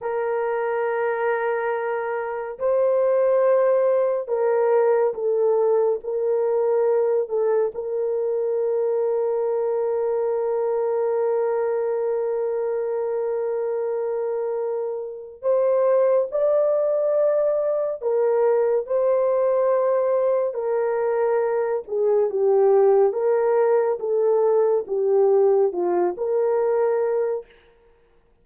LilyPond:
\new Staff \with { instrumentName = "horn" } { \time 4/4 \tempo 4 = 70 ais'2. c''4~ | c''4 ais'4 a'4 ais'4~ | ais'8 a'8 ais'2.~ | ais'1~ |
ais'2 c''4 d''4~ | d''4 ais'4 c''2 | ais'4. gis'8 g'4 ais'4 | a'4 g'4 f'8 ais'4. | }